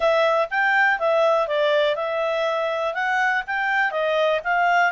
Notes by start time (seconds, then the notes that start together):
0.00 E5
0.50 G5
0.99 E5
1.47 D5
1.95 E5
2.94 F#5
3.46 G5
3.91 D#5
4.44 F5